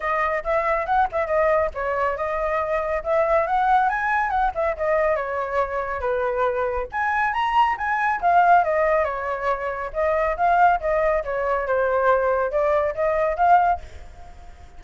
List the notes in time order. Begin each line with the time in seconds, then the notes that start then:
0.00 D#5
0.43 E5
0.86 F#5
1.12 E5
1.26 D#5
1.74 C#5
2.16 D#5
3.03 E5
3.46 F#5
3.89 G#5
4.29 F#5
4.55 E5
4.76 D#5
5.16 C#5
6.00 B4
6.92 G#5
7.33 A#5
7.77 G#5
8.21 F5
8.64 D#5
9.04 C#5
9.93 D#5
10.36 F5
10.80 D#5
11.24 C#5
11.67 C5
12.51 D5
12.94 D#5
13.37 F5